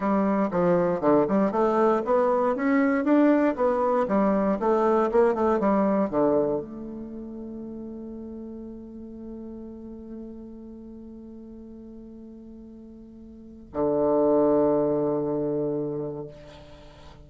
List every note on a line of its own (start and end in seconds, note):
0.00 0.49 G3
0.51 1.00 F3
1.00 1.26 D3
1.28 1.51 G3
1.51 2.02 A3
2.05 2.55 B3
2.55 3.04 C#4
3.04 3.55 D4
3.55 4.06 B3
4.08 4.59 G3
4.59 5.10 A3
5.11 5.34 A#3
5.34 5.59 A3
5.59 6.09 G3
6.09 6.60 D3
6.60 13.72 A3
13.73 16.27 D3